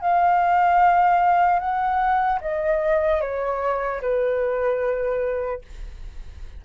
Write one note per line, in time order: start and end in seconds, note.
0.00 1.59 F5
1.59 2.39 F#5
2.41 3.21 D#5
3.21 4.01 C#5
4.01 5.61 B4